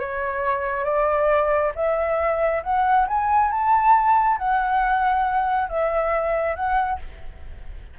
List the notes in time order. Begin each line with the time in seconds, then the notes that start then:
0.00 C#5
0.85 D5
1.75 E5
2.63 F#5
3.08 G#5
3.51 A5
4.38 F#5
5.69 E5
6.56 F#5